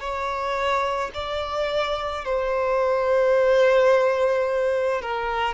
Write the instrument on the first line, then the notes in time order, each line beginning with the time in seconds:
violin
0.00 C#5
1.14 D5
2.25 C5
5.02 A#4